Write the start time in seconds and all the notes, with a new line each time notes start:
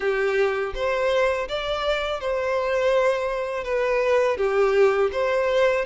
0.00 G4
0.74 C5
1.48 D5
2.20 C5
3.64 B4
4.37 G4
5.12 C5